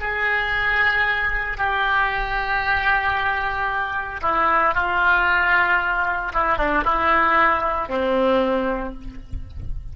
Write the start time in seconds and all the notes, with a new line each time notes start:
0.00 G#4
1.58 G4
4.22 E4
4.75 F4
6.34 E4
6.58 D4
6.85 E4
7.89 C4